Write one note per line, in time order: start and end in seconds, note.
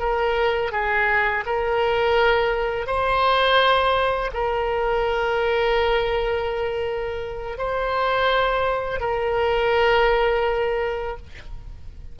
0.00 0.72 A#4
0.72 1.45 G#4
1.46 2.87 A#4
2.87 4.32 C5
4.34 7.58 A#4
7.58 9.01 C5
9.01 11.18 A#4